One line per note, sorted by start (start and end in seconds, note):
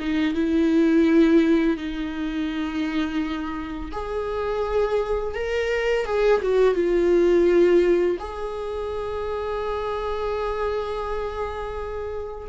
0.00 0.34 D#4
0.34 1.77 E4
1.77 3.92 D#4
3.92 5.35 G#4
5.35 6.06 A#4
6.06 6.42 G#4
6.42 6.75 F#4
6.75 8.18 F4
8.19 12.48 G#4